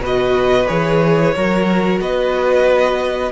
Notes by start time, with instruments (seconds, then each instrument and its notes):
0.00 cello B2, viola F#4, violin B4
0.07 violin D#5
0.68 cello E3, viola G#4, violin C#5
1.35 cello F#3, viola F#4, violin A#4
2.00 cello B3, violin B4 D#5